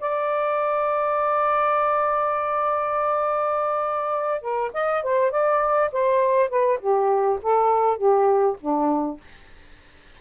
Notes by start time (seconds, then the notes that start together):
0.00 D5
4.41 A#4
4.74 D#5
5.03 C5
5.31 D5
5.92 C5
6.50 B4
6.80 G4
7.43 A4
7.98 G4
8.61 D4